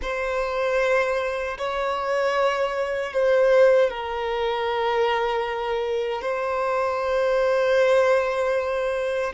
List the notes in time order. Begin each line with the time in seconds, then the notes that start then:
0.01 C5
1.58 C#5
3.13 C5
3.90 A#4
6.21 C5